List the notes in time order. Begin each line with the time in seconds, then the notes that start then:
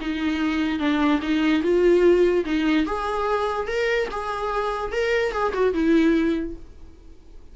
0.00 D#4
0.79 D4
1.22 D#4
1.62 F4
2.45 D#4
2.86 G#4
3.67 A#4
4.11 G#4
4.92 A#4
5.32 G#4
5.53 F#4
5.73 E4